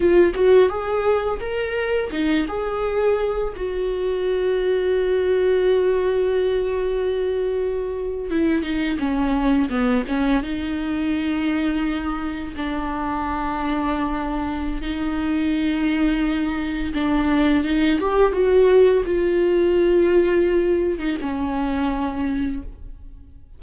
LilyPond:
\new Staff \with { instrumentName = "viola" } { \time 4/4 \tempo 4 = 85 f'8 fis'8 gis'4 ais'4 dis'8 gis'8~ | gis'4 fis'2.~ | fis'2.~ fis'8. e'16~ | e'16 dis'8 cis'4 b8 cis'8 dis'4~ dis'16~ |
dis'4.~ dis'16 d'2~ d'16~ | d'4 dis'2. | d'4 dis'8 g'8 fis'4 f'4~ | f'4.~ f'16 dis'16 cis'2 | }